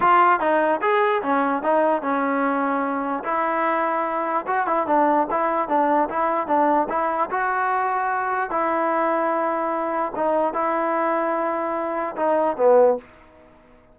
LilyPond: \new Staff \with { instrumentName = "trombone" } { \time 4/4 \tempo 4 = 148 f'4 dis'4 gis'4 cis'4 | dis'4 cis'2. | e'2. fis'8 e'8 | d'4 e'4 d'4 e'4 |
d'4 e'4 fis'2~ | fis'4 e'2.~ | e'4 dis'4 e'2~ | e'2 dis'4 b4 | }